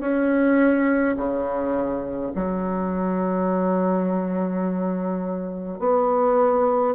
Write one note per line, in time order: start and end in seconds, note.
0.00 1.15 C#4
1.16 2.31 C#3
2.35 5.79 F#3
5.79 6.94 B3